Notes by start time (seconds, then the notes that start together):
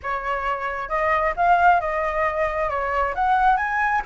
0.02 C#5
0.88 D#5
1.36 F5
1.80 D#5
2.69 C#5
3.14 F#5
3.56 G#5